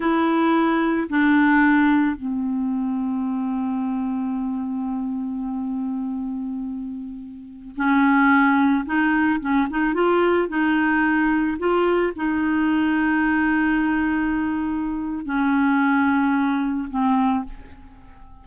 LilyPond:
\new Staff \with { instrumentName = "clarinet" } { \time 4/4 \tempo 4 = 110 e'2 d'2 | c'1~ | c'1~ | c'2~ c'16 cis'4.~ cis'16~ |
cis'16 dis'4 cis'8 dis'8 f'4 dis'8.~ | dis'4~ dis'16 f'4 dis'4.~ dis'16~ | dis'1 | cis'2. c'4 | }